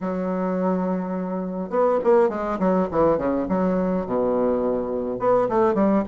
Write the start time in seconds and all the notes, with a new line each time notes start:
0.00 F#3
1.70 B3
2.04 A#3
2.29 G#3
2.59 F#3
2.91 E3
3.17 C#3
3.48 F#3
4.05 B2
5.19 B3
5.48 A3
5.74 G3